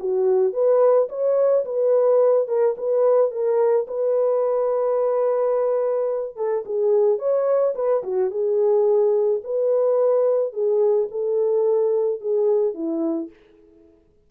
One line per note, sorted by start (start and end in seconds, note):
0.00 0.53 F#4
0.53 1.09 B4
1.09 1.65 C#5
1.65 2.48 B4
2.48 2.76 A#4
2.78 3.31 B4
3.31 3.87 A#4
3.88 6.37 B4
6.37 6.64 A4
6.66 7.19 G#4
7.19 7.74 C#5
7.76 8.03 B4
8.04 8.31 F#4
8.31 9.42 G#4
9.44 10.53 B4
10.53 11.09 G#4
11.11 12.21 A4
12.21 12.74 G#4
12.74 13.30 E4